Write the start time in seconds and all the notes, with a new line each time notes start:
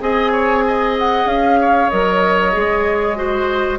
0.00 C4 G#4 D#5 G#5
0.32 C#5
0.67 D#5
0.98 F#5
1.25 C#4 F5
1.60 C#5
1.89 F#3 A#4 D#5
2.52 G#3 G#4
3.15 F#4 C5